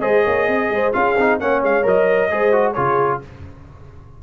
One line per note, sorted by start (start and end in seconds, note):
0.00 0.24 G#3
0.00 0.92 G#4
0.00 0.23 C5
0.00 0.92 D#5
0.23 0.48 A#3
0.23 0.46 C#5
0.48 0.69 C4
0.48 0.73 D#5
0.69 0.92 G#3
0.69 0.95 C5
0.92 1.17 C#4
0.92 1.15 F4
0.92 1.39 G#4
0.92 1.39 F5
1.17 1.40 C4
1.17 1.40 D#4
1.39 1.63 A#3
1.39 1.82 C#4
1.39 2.31 C#5
1.39 1.62 F#5
1.63 1.85 G#3
1.63 1.87 F5
1.82 2.31 F#3
1.82 2.28 A#4
1.82 2.73 D#5
2.30 2.77 G#3
2.30 2.52 G#4
2.30 2.74 C5
2.52 2.75 F#4
2.73 3.23 C#3
2.73 3.21 F4
2.73 3.19 G#4
2.73 3.18 C#5